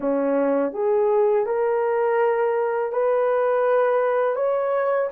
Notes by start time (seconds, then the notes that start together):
0.00 C#4
0.73 G#4
1.46 A#4
2.92 B4
4.35 C#5